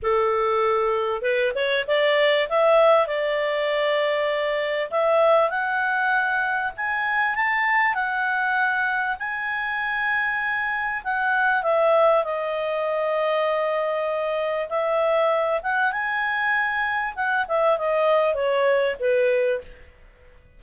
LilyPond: \new Staff \with { instrumentName = "clarinet" } { \time 4/4 \tempo 4 = 98 a'2 b'8 cis''8 d''4 | e''4 d''2. | e''4 fis''2 gis''4 | a''4 fis''2 gis''4~ |
gis''2 fis''4 e''4 | dis''1 | e''4. fis''8 gis''2 | fis''8 e''8 dis''4 cis''4 b'4 | }